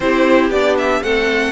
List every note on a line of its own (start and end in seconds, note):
0.00 0.50 C4
0.00 0.52 E4
0.00 1.04 G4
0.00 0.50 C5
0.50 1.01 B3
0.50 1.02 D4
0.50 0.76 D5
0.77 1.03 E5
1.02 1.51 A3
1.02 1.51 C4
1.02 1.51 A4
1.02 1.51 F#5